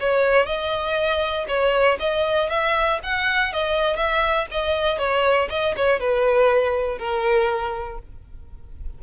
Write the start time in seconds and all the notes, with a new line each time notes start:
0.00 C#5
0.46 D#5
1.48 C#5
1.99 D#5
2.50 E5
3.03 F#5
3.53 D#5
3.96 E5
4.51 D#5
4.98 C#5
5.50 D#5
5.76 C#5
6.00 B4
6.98 A#4